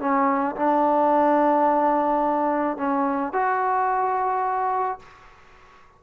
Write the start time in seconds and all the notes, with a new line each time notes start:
0.00 C#4
0.56 D4
2.77 C#4
3.33 F#4